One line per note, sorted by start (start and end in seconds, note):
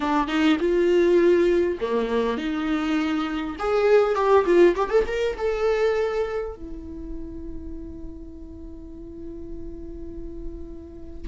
0.00 0.27 D4
0.27 0.57 D#4
0.59 1.78 F4
1.80 2.37 A#3
2.37 3.56 D#4
3.59 4.15 G#4
4.15 4.45 G4
4.45 4.75 F4
4.75 4.90 G4
4.90 5.05 A4
5.07 5.36 A#4
5.37 6.55 A4
6.55 11.28 E4